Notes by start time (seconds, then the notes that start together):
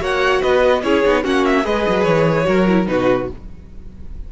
0.00 A#3 F#4 C#5 F#5
0.41 B3 B4 D#5
0.83 C#4 E4 G#4 C#5
1.04 B3 D#4
1.23 A#3 C#4 F#4 F#5
1.45 E5
1.64 G#3 G#4 B4 D#5
1.88 F#3
2.03 E3 C#5
2.45 F#3 F#4 A#4
2.68 E4
2.86 B2 D#4 F#4 B4